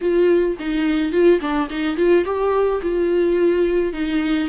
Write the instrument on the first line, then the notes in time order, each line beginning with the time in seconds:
viola
0.01 F4
0.59 D#4
1.12 F4
1.40 D4
1.70 D#4
1.96 F4
2.24 G4
2.82 F4
3.93 D#4